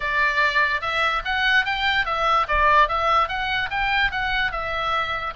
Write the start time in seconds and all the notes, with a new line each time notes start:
0.00 D5
0.81 E5
1.24 F#5
1.65 G5
2.05 E5
2.48 D5
2.88 E5
3.28 F#5
3.70 G5
4.11 F#5
4.51 E5